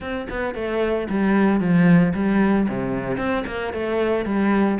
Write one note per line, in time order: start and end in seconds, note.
0.00 0.27 C4
0.29 0.54 B3
0.54 1.07 A3
1.09 1.60 G3
1.60 2.13 F3
2.14 2.67 G3
2.68 3.17 C3
3.17 3.44 C4
3.46 3.73 A#3
3.73 4.25 A3
4.25 4.78 G3